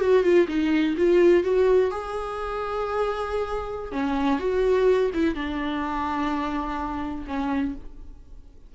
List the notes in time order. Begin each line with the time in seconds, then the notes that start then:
0.00 F#4
0.23 F4
0.48 D#4
0.97 F4
1.43 F#4
1.90 G#4
3.92 C#4
4.39 F#4
5.13 E4
5.34 D4
7.27 C#4